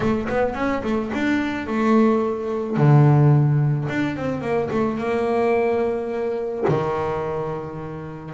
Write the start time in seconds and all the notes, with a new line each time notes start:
0.00 A3
0.29 B3
0.54 C#4
0.83 A3
1.14 D4
1.66 A3
2.76 D3
3.89 D4
4.16 C4
4.41 A#3
4.70 A3
4.97 A#3
6.68 D#3